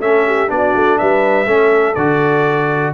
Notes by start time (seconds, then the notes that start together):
0.00 A3 C#4 A4 E5
0.27 G4
0.48 B3 D4 F#4 D5
0.75 A3
0.98 G3 B4 E5
1.46 A3 C#4 A4
1.94 D3 F#4 D5